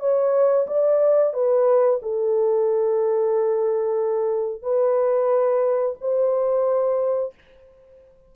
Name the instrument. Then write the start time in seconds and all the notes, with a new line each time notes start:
horn
0.00 C#5
0.67 D5
1.33 B4
2.02 A4
4.62 B4
6.01 C5